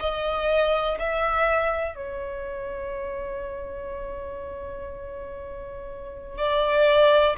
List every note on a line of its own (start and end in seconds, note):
0.00 0.98 D#5
0.99 1.96 E5
1.96 6.38 C#5
6.38 7.36 D5